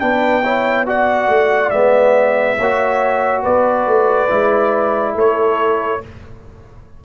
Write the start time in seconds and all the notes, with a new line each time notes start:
0.00 B3 D4 B4 G5
0.44 E4 C#5
0.86 F#4 D5 F#5
1.28 A3
1.70 G#3 B3 E5
2.59 A#3 F#4 C#5
3.43 B3 B4 D5
3.87 A3
4.29 G#3 E4
5.15 A3 A4 C#5